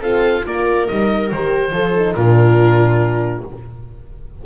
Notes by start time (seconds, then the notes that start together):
0.00 C4 F4 A4 F5
0.45 A#3 F4 A#4 D5
0.87 G3 D#4 D#5
1.31 D#3 G4 C5
1.71 F3 F4 A4
1.97 D#4
2.14 A#2 D4 F4 A#4